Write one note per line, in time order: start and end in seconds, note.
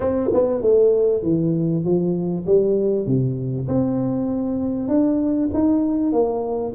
0.00 0.29 C4
0.33 0.61 B3
0.61 1.22 A3
1.22 1.84 E3
1.84 2.45 F3
2.46 3.06 G3
3.06 3.67 C3
3.68 4.88 C4
4.88 5.49 D4
5.53 6.12 D#4
6.12 6.73 A#3